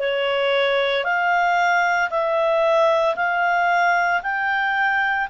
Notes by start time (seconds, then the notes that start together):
0.00 C#5
1.05 F5
2.11 E5
3.16 F5
4.23 G5